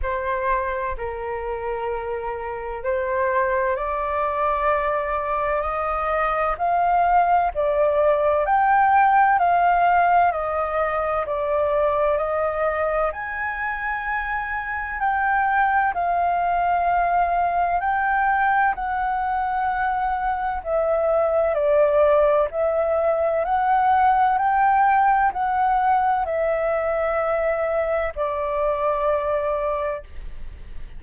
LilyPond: \new Staff \with { instrumentName = "flute" } { \time 4/4 \tempo 4 = 64 c''4 ais'2 c''4 | d''2 dis''4 f''4 | d''4 g''4 f''4 dis''4 | d''4 dis''4 gis''2 |
g''4 f''2 g''4 | fis''2 e''4 d''4 | e''4 fis''4 g''4 fis''4 | e''2 d''2 | }